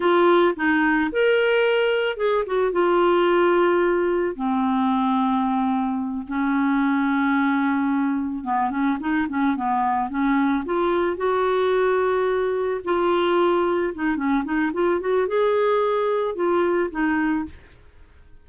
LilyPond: \new Staff \with { instrumentName = "clarinet" } { \time 4/4 \tempo 4 = 110 f'4 dis'4 ais'2 | gis'8 fis'8 f'2. | c'2.~ c'8 cis'8~ | cis'2.~ cis'8 b8 |
cis'8 dis'8 cis'8 b4 cis'4 f'8~ | f'8 fis'2. f'8~ | f'4. dis'8 cis'8 dis'8 f'8 fis'8 | gis'2 f'4 dis'4 | }